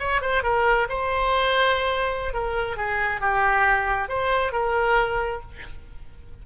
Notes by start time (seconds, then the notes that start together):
0.00 C#5
0.22 C5
0.44 A#4
0.89 C5
2.34 A#4
2.77 G#4
3.21 G4
4.09 C5
4.53 A#4